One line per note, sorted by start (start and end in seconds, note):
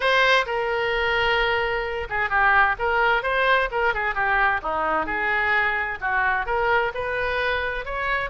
0.00 0.45 C5
0.46 2.07 A#4
2.09 2.29 G#4
2.29 2.75 G4
2.78 3.23 A#4
3.23 3.69 C5
3.71 3.94 A#4
3.94 4.14 G#4
4.14 4.60 G4
4.62 5.06 D#4
5.06 5.98 G#4
6.00 6.46 F#4
6.46 6.92 A#4
6.94 7.85 B4
7.85 8.30 C#5